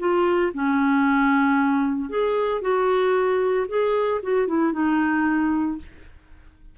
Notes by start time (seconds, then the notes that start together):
0.00 F4
0.54 C#4
2.10 G#4
2.62 F#4
3.69 G#4
4.23 F#4
4.48 E4
4.73 D#4